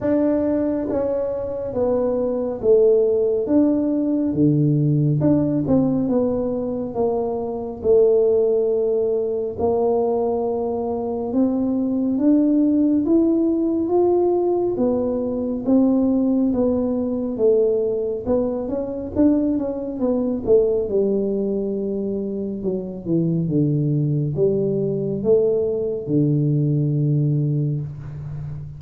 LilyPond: \new Staff \with { instrumentName = "tuba" } { \time 4/4 \tempo 4 = 69 d'4 cis'4 b4 a4 | d'4 d4 d'8 c'8 b4 | ais4 a2 ais4~ | ais4 c'4 d'4 e'4 |
f'4 b4 c'4 b4 | a4 b8 cis'8 d'8 cis'8 b8 a8 | g2 fis8 e8 d4 | g4 a4 d2 | }